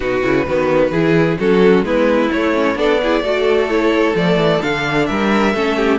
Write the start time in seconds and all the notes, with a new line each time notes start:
0.00 B2 D#4 F#4 B4
0.22 C#3 E4
0.46 D#3 B3 F#4
0.91 E3 E4 G#4
1.38 F#3 C#4 F#4 A4
1.82 G#3 B3 E4 B4
2.32 A3 C#5
2.53 C#4
2.75 B3 D4 A4 D5
3.03 E4 G#4
3.21 A3 F#4 A4
3.69 E4 C#5
4.15 F3 A3 D5
4.36 E3
4.61 D3 D4 F5
5.05 G3 A#4 E5
5.54 A3 C#4 A4
5.76 G4